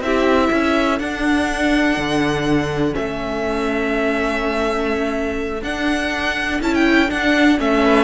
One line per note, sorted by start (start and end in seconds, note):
0.00 0.49 C4
0.00 0.99 E4
0.00 0.52 G4
0.00 0.99 E5
0.52 0.99 C#4
0.52 7.84 A4
0.99 1.97 D4
0.99 2.91 D4
0.99 2.94 F#5
1.97 2.94 D3
2.91 5.60 C#4
2.91 5.63 E5
2.97 5.61 A3
5.61 6.59 D4
5.61 6.62 D4
5.61 6.60 F#5
6.62 7.10 C#4
6.62 7.08 E4
6.62 6.74 A5
6.74 7.10 G5
7.08 7.57 D4
7.08 7.59 D4
7.08 7.59 F#5
7.58 8.04 A3
7.58 8.04 C#4
7.58 8.04 E5
7.84 8.04 B4